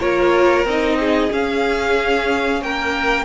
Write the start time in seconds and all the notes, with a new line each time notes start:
0.00 A#3 F4 A#4 C#5
0.65 C4 D#4 D#5
0.99 G#4
1.31 C#4 F5
2.62 A#3 A#4 G5